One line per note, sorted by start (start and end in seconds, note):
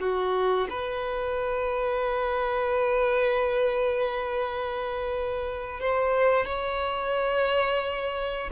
0.00 0.68 F#4
0.70 5.81 B4
5.81 6.46 C5
6.46 8.51 C#5